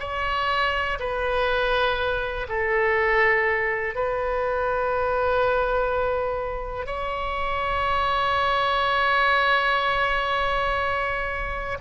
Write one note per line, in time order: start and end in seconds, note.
0.00 0.98 C#5
0.99 2.47 B4
2.49 3.95 A4
3.95 6.86 B4
6.86 11.78 C#5